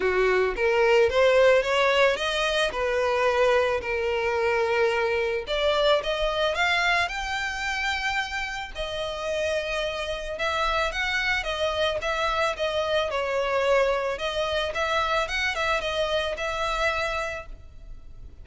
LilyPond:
\new Staff \with { instrumentName = "violin" } { \time 4/4 \tempo 4 = 110 fis'4 ais'4 c''4 cis''4 | dis''4 b'2 ais'4~ | ais'2 d''4 dis''4 | f''4 g''2. |
dis''2. e''4 | fis''4 dis''4 e''4 dis''4 | cis''2 dis''4 e''4 | fis''8 e''8 dis''4 e''2 | }